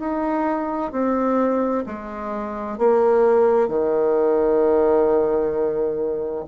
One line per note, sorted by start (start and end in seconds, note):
0.00 0.92 D#4
0.92 1.85 C4
1.87 2.79 G#3
2.79 3.68 A#3
3.68 6.45 D#3